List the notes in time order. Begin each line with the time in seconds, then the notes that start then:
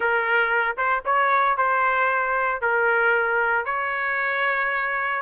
0.00 A#4
0.77 C5
1.05 C#5
1.57 C5
2.61 A#4
3.65 C#5